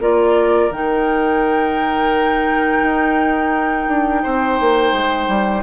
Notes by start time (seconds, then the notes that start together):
0.00 A#3 F4 A#4 D5
0.71 D#3 D#4 G5
2.83 D#4
3.88 D4
4.23 C4 C5
4.60 A#3
4.92 G#3
5.28 G3